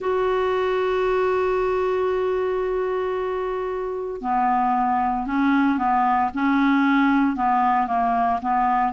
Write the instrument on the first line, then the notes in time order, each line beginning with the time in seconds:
clarinet
0.00 F#4
4.21 B3
5.26 C#4
5.78 B3
6.34 C#4
7.36 B3
7.87 A#3
8.41 B3